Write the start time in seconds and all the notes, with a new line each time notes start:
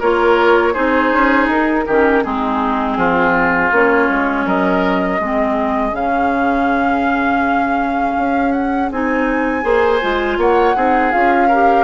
0.00 A#3 F4 A#4 C#5
0.74 C4 D#4 G#4 C5
1.12 C#4
1.47 D#4 A#4
1.87 D#3 C#4 G4
2.23 G#3 C4 D#4 G#4
2.97 F3 F4
3.71 A#3 C#4 C#5
4.10 G#3
4.46 F#3 A#4 D#5
5.20 G#3 C4 G#4
5.92 C#3 C#4 F5
8.18 C#4
8.52 F#5
8.91 C4 D#4 G#5
9.62 A#3 G#4 C5
10.02 G#3 F4
10.38 A#3 C#5 F#5
10.76 C4 D#4 G#4
11.12 C#4 F4 F5
11.48 G4 A#4